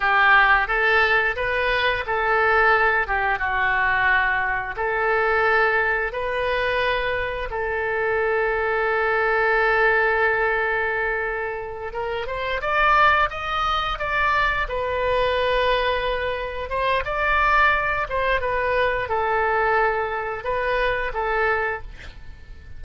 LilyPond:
\new Staff \with { instrumentName = "oboe" } { \time 4/4 \tempo 4 = 88 g'4 a'4 b'4 a'4~ | a'8 g'8 fis'2 a'4~ | a'4 b'2 a'4~ | a'1~ |
a'4. ais'8 c''8 d''4 dis''8~ | dis''8 d''4 b'2~ b'8~ | b'8 c''8 d''4. c''8 b'4 | a'2 b'4 a'4 | }